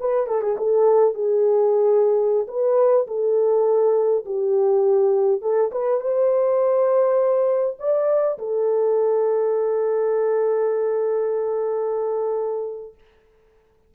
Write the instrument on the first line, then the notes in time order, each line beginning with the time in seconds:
horn
0.00 B4
0.27 A4
0.41 G#4
0.57 A4
1.15 G#4
2.48 B4
3.07 A4
4.25 G4
5.41 A4
5.72 B4
6.00 C5
7.79 D5
8.39 A4